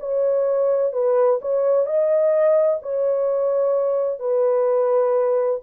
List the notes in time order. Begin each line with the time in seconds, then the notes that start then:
0.00 C#5
0.93 B4
1.42 C#5
1.87 D#5
2.83 C#5
4.20 B4